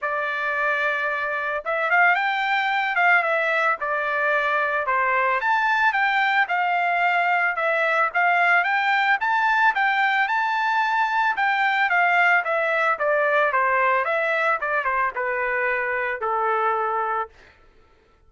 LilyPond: \new Staff \with { instrumentName = "trumpet" } { \time 4/4 \tempo 4 = 111 d''2. e''8 f''8 | g''4. f''8 e''4 d''4~ | d''4 c''4 a''4 g''4 | f''2 e''4 f''4 |
g''4 a''4 g''4 a''4~ | a''4 g''4 f''4 e''4 | d''4 c''4 e''4 d''8 c''8 | b'2 a'2 | }